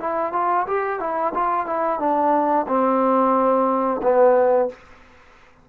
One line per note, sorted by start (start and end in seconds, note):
0.00 0.33 E4
0.33 0.66 F4
0.67 1.00 G4
1.00 1.33 E4
1.34 1.66 F4
1.66 2.00 E4
2.00 2.66 D4
2.68 4.02 C4
4.03 4.69 B3